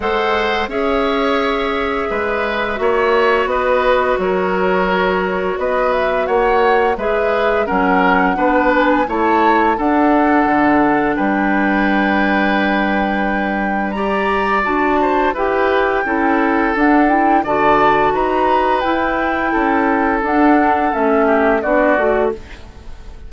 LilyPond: <<
  \new Staff \with { instrumentName = "flute" } { \time 4/4 \tempo 4 = 86 fis''4 e''2.~ | e''4 dis''4 cis''2 | dis''8 e''8 fis''4 e''4 fis''4~ | fis''8 gis''8 a''4 fis''2 |
g''1 | ais''4 a''4 g''2 | fis''8 g''8 a''4 ais''4 g''4~ | g''4 fis''4 e''4 d''4 | }
  \new Staff \with { instrumentName = "oboe" } { \time 4/4 c''4 cis''2 b'4 | cis''4 b'4 ais'2 | b'4 cis''4 b'4 ais'4 | b'4 cis''4 a'2 |
b'1 | d''4. c''8 b'4 a'4~ | a'4 d''4 b'2 | a'2~ a'8 g'8 fis'4 | }
  \new Staff \with { instrumentName = "clarinet" } { \time 4/4 a'4 gis'2. | fis'1~ | fis'2 gis'4 cis'4 | d'4 e'4 d'2~ |
d'1 | g'4 fis'4 g'4 e'4 | d'8 e'8 fis'2 e'4~ | e'4 d'4 cis'4 d'8 fis'8 | }
  \new Staff \with { instrumentName = "bassoon" } { \time 4/4 gis4 cis'2 gis4 | ais4 b4 fis2 | b4 ais4 gis4 fis4 | b4 a4 d'4 d4 |
g1~ | g4 d'4 e'4 cis'4 | d'4 d4 dis'4 e'4 | cis'4 d'4 a4 b8 a8 | }
>>